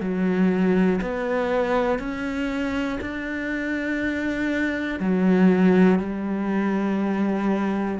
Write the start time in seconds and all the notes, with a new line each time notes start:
0.00 F#3
1.01 B3
1.99 C#4
3.01 D4
4.99 F#3
5.99 G3